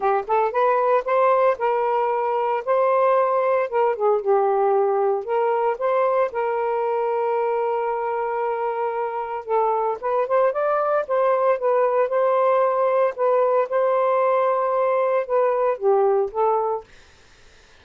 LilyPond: \new Staff \with { instrumentName = "saxophone" } { \time 4/4 \tempo 4 = 114 g'8 a'8 b'4 c''4 ais'4~ | ais'4 c''2 ais'8 gis'8 | g'2 ais'4 c''4 | ais'1~ |
ais'2 a'4 b'8 c''8 | d''4 c''4 b'4 c''4~ | c''4 b'4 c''2~ | c''4 b'4 g'4 a'4 | }